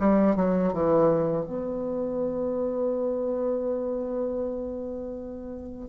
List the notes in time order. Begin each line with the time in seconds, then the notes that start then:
0.00 G3
0.36 F#3
0.73 E3
1.46 B3